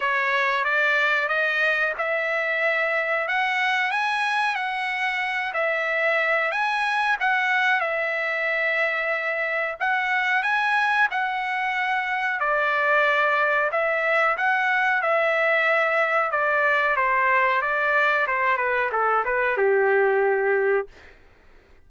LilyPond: \new Staff \with { instrumentName = "trumpet" } { \time 4/4 \tempo 4 = 92 cis''4 d''4 dis''4 e''4~ | e''4 fis''4 gis''4 fis''4~ | fis''8 e''4. gis''4 fis''4 | e''2. fis''4 |
gis''4 fis''2 d''4~ | d''4 e''4 fis''4 e''4~ | e''4 d''4 c''4 d''4 | c''8 b'8 a'8 b'8 g'2 | }